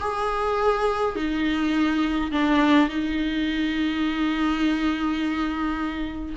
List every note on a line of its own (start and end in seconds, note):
0.00 1.15 G#4
1.15 2.31 D#4
2.32 2.89 D4
2.89 6.35 D#4